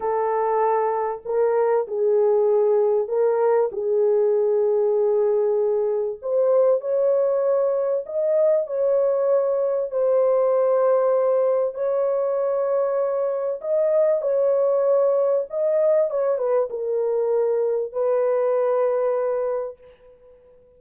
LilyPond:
\new Staff \with { instrumentName = "horn" } { \time 4/4 \tempo 4 = 97 a'2 ais'4 gis'4~ | gis'4 ais'4 gis'2~ | gis'2 c''4 cis''4~ | cis''4 dis''4 cis''2 |
c''2. cis''4~ | cis''2 dis''4 cis''4~ | cis''4 dis''4 cis''8 b'8 ais'4~ | ais'4 b'2. | }